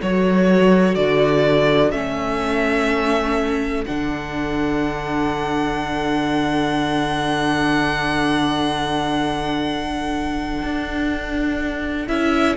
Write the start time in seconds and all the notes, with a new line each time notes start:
0.00 F#3 F#4 A4 C#5
0.96 D3 D5
1.91 A3 C#4 E5
3.86 D3 D4 F#5
10.63 D4
12.08 C#4 E4 E5